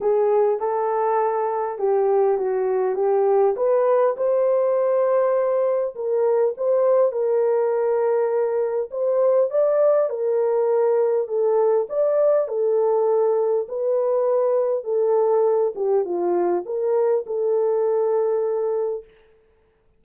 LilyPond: \new Staff \with { instrumentName = "horn" } { \time 4/4 \tempo 4 = 101 gis'4 a'2 g'4 | fis'4 g'4 b'4 c''4~ | c''2 ais'4 c''4 | ais'2. c''4 |
d''4 ais'2 a'4 | d''4 a'2 b'4~ | b'4 a'4. g'8 f'4 | ais'4 a'2. | }